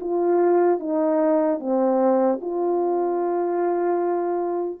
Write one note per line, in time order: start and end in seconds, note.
0.00 0.79 F4
0.79 1.59 D#4
1.59 2.39 C4
2.41 4.80 F4